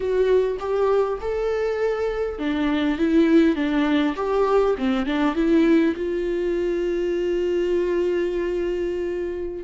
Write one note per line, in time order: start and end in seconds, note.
0.00 0.57 F#4
0.59 1.19 G4
1.20 2.38 A4
2.38 2.97 D4
2.97 3.55 E4
3.55 4.14 D4
4.16 4.75 G4
4.77 5.06 C4
5.06 5.35 D4
5.35 5.94 E4
5.95 9.64 F4